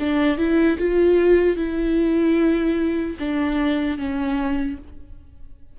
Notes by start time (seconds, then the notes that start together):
0.00 D4
0.38 E4
0.79 F4
1.57 E4
3.20 D4
3.98 C#4